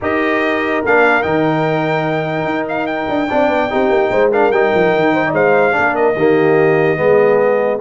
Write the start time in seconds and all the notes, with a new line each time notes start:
0.01 D#4 G4 A#4 D#5
0.84 A#3 D4 F5
1.22 D#3 D#4 G5
2.44 D#4
2.68 F5
2.86 G5
3.08 D4
3.29 C4 D4 D5
3.48 B3
3.70 C4 D#4 G4
3.89 A#3
4.10 G#3 C5
4.31 D4 A#4 F5
4.51 G3 D#4 G5
4.74 F3
4.94 D#3
5.13 C5
5.25 D5
5.33 G#3 C5 F5
5.72 D4 A#4
5.78 A#3
5.95 D#5
6.15 D#3 A#3 G4
6.96 G#3 B3 G#4